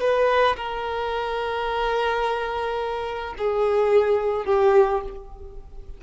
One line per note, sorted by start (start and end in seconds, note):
0.00 0.56 B4
0.56 3.34 A#4
3.37 4.45 G#4
4.45 5.01 G4